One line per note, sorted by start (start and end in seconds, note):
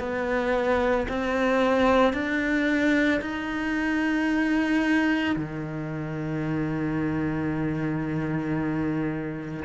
0.00 1.07 B3
1.08 2.13 C4
2.13 3.20 D4
3.21 5.36 D#4
5.36 9.65 D#3